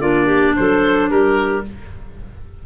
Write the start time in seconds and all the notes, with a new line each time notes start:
0.00 A#3 D4 F4 D5
0.25 G4
0.56 F#3 A4 C5
1.09 G3 G4 A#4